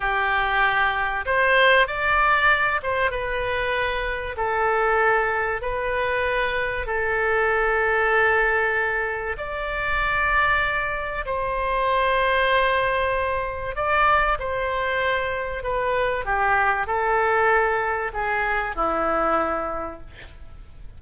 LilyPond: \new Staff \with { instrumentName = "oboe" } { \time 4/4 \tempo 4 = 96 g'2 c''4 d''4~ | d''8 c''8 b'2 a'4~ | a'4 b'2 a'4~ | a'2. d''4~ |
d''2 c''2~ | c''2 d''4 c''4~ | c''4 b'4 g'4 a'4~ | a'4 gis'4 e'2 | }